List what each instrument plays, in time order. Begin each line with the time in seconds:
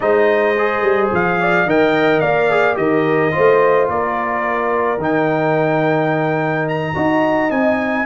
0.00 tuba G#3, trombone D#4, horn C5, trumpet D#5
0.58 trombone G#4
0.82 tuba G3
1.12 tuba F3, trumpet F5
1.39 horn D5
1.65 tuba D#3, trombone A#4, horn D#5, trumpet G5
2.20 tuba A#3, horn D5, trumpet F5
2.50 trombone G#4
2.74 tuba D#3, trombone G4, horn A#4, trumpet D#5
3.31 trombone F4, horn C5
3.37 tuba A3
3.88 tuba A#3, horn A#4, trumpet D5
4.97 tuba D#3, trombone D#4, trumpet G5
6.68 trumpet A#5
6.94 tuba D#4, trombone F#4, horn D#5
7.49 tuba C4, trombone D#4, trumpet G#5